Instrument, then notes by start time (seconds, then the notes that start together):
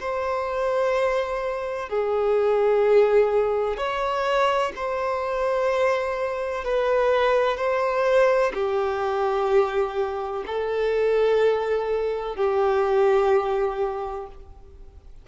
violin
0.00 C5
1.89 G#4
3.77 C#5
4.75 C5
6.65 B4
7.57 C5
8.54 G4
10.46 A4
12.36 G4